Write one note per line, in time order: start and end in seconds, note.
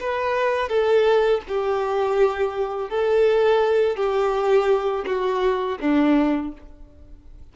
0.00 0.69 B4
0.69 1.41 A4
1.48 2.90 G4
2.90 3.97 A4
3.97 5.05 G4
5.06 5.78 F#4
5.81 6.53 D4